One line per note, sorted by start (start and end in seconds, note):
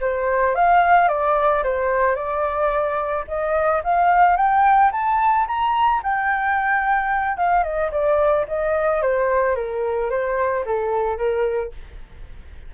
0.00 0.55 C5
0.55 1.08 F5
1.08 1.62 D5
1.63 2.15 C5
2.15 3.24 D5
3.28 3.82 D#5
3.83 4.36 F5
4.36 4.91 G5
4.92 5.46 A5
5.47 6.01 A#5
6.02 7.36 G5
7.36 7.63 F5
7.63 7.90 D#5
7.91 8.45 D5
8.47 9.01 D#5
9.01 9.55 C5
9.55 10.10 A#4
10.10 10.64 C5
10.65 11.17 A4
11.17 11.71 A#4